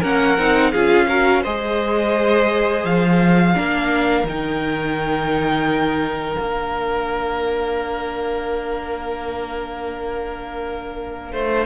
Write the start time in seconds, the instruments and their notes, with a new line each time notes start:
0.00 cello A#3, viola C#4, violin A#4 F#5
0.38 cello C4, viola D#4
0.71 cello C#4, viola F4, violin G#4 F5
1.08 viola F#4, violin A#4
1.42 cello G#3, viola G#4, violin C5 D#5
2.84 cello F3, violin F5
3.54 cello A#3, viola D4, violin A#4
4.23 cello D#3, viola D#4, violin G5
6.35 cello A#3, viola D4, violin F5
11.32 cello A3, violin C5